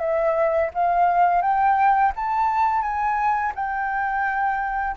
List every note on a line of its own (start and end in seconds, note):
0.00 0.71 E5
0.74 1.42 F5
1.42 2.13 G5
2.16 2.82 A5
2.82 3.53 G#5
3.55 4.96 G5